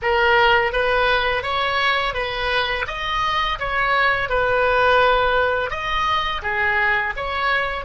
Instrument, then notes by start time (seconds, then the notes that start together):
oboe
0.02 A#4
0.72 B4
1.43 C#5
2.14 B4
2.87 D#5
3.59 C#5
4.29 B4
5.70 D#5
6.42 G#4
7.16 C#5